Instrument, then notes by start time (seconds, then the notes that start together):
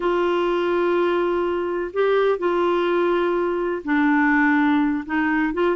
clarinet
0.00 F4
1.93 G4
2.38 F4
3.84 D4
5.05 D#4
5.53 F4